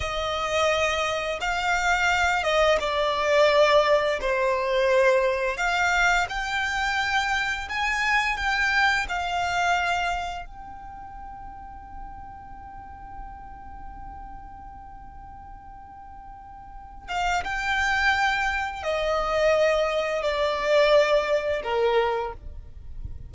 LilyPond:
\new Staff \with { instrumentName = "violin" } { \time 4/4 \tempo 4 = 86 dis''2 f''4. dis''8 | d''2 c''2 | f''4 g''2 gis''4 | g''4 f''2 g''4~ |
g''1~ | g''1~ | g''8 f''8 g''2 dis''4~ | dis''4 d''2 ais'4 | }